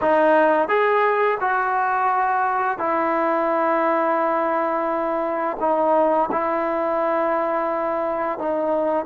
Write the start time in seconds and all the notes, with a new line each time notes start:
0.01 D#4
0.68 G#4
1.40 F#4
2.78 E4
5.60 D#4
6.31 E4
8.38 D#4